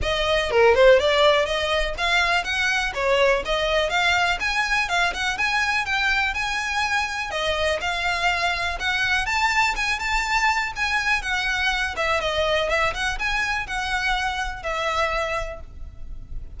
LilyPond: \new Staff \with { instrumentName = "violin" } { \time 4/4 \tempo 4 = 123 dis''4 ais'8 c''8 d''4 dis''4 | f''4 fis''4 cis''4 dis''4 | f''4 gis''4 f''8 fis''8 gis''4 | g''4 gis''2 dis''4 |
f''2 fis''4 a''4 | gis''8 a''4. gis''4 fis''4~ | fis''8 e''8 dis''4 e''8 fis''8 gis''4 | fis''2 e''2 | }